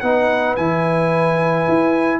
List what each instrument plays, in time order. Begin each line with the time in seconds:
0.00 tuba B3, trombone D#4, horn B4, trumpet F#5
0.56 tuba E3, trombone E4, trumpet G#5
1.68 tuba E4